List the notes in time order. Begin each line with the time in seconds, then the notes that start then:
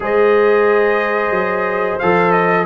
0.00 G#3 G#4 C5 D#5
1.30 F#3
1.99 F3 A4 F5
2.31 D#5